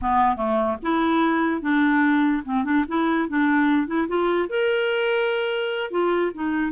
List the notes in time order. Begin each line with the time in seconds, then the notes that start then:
0.01 B3
0.36 A3
0.82 E4
1.61 D4
2.44 C4
2.64 D4
2.88 E4
3.28 D4
3.87 E4
4.07 F4
4.49 A#4
5.90 F4
6.34 D#4